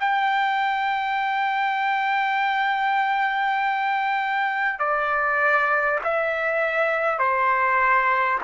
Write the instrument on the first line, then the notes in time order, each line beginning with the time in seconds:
trumpet
0.00 G5
4.79 D5
6.04 E5
7.18 C5